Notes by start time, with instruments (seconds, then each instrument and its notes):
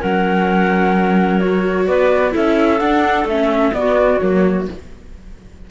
0.00 cello F#3, viola C#4, clarinet A#4, flute F#5
1.40 viola F#4, flute C#5
1.86 cello B3, clarinet B4, flute D5
2.31 cello C#4, viola E4, clarinet A4, flute E5
2.79 cello D4, viola D4, flute F#5
3.25 cello A3, viola C#4, flute E5
3.73 viola B3, cello B3, clarinet F#4, flute D5
4.19 cello F#3, viola A#3, flute C#5